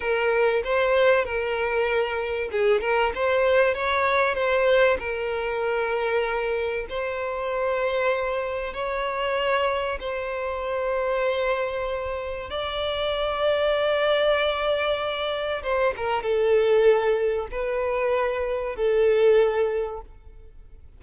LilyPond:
\new Staff \with { instrumentName = "violin" } { \time 4/4 \tempo 4 = 96 ais'4 c''4 ais'2 | gis'8 ais'8 c''4 cis''4 c''4 | ais'2. c''4~ | c''2 cis''2 |
c''1 | d''1~ | d''4 c''8 ais'8 a'2 | b'2 a'2 | }